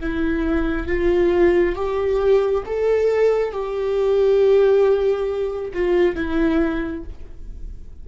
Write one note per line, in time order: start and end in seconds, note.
0.00 0.87 E4
0.87 1.75 F4
1.76 2.64 G4
2.66 3.52 A4
3.52 5.72 G4
5.74 6.16 F4
6.16 7.04 E4